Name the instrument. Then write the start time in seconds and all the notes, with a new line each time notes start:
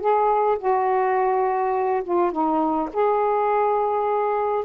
saxophone
0.00 G#4
0.59 F#4
2.04 F4
2.32 D#4
2.93 G#4